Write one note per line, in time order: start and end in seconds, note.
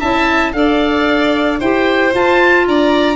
0.00 0.54 C#4
0.00 0.54 E4
0.00 0.53 E5
0.00 0.53 A5
0.53 1.60 D4
0.53 1.60 A4
0.53 1.60 D5
0.53 1.59 F5
1.60 2.15 E4
1.60 2.12 G4
1.60 2.66 C5
1.60 2.14 G5
2.12 3.17 F4
2.12 2.68 F4
2.12 2.68 A5
2.68 3.17 D4
2.68 3.17 D5
2.68 3.17 A#5